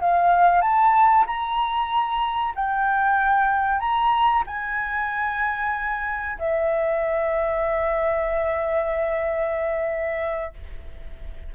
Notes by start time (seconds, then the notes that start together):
0.00 F5
0.61 A5
1.26 A#5
2.55 G5
3.79 A#5
4.47 G#5
6.38 E5